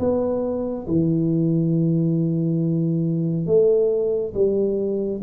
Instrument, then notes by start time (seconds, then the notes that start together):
tuba
0.00 B3
0.88 E3
3.47 A3
4.35 G3